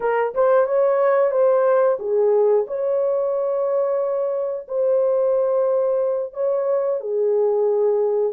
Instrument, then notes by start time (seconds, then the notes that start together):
horn
0.00 A#4
0.34 C5
0.66 C#5
1.31 C5
1.98 G#4
2.67 C#5
4.68 C5
6.33 C#5
7.00 G#4